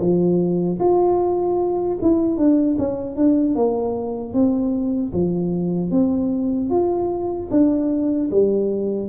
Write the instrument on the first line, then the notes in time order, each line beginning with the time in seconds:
tuba
0.00 F3
0.80 F4
2.02 E4
2.38 D4
2.79 C#4
3.17 D4
3.56 A#3
4.34 C4
5.13 F3
5.91 C4
6.71 F4
7.51 D4
8.31 G3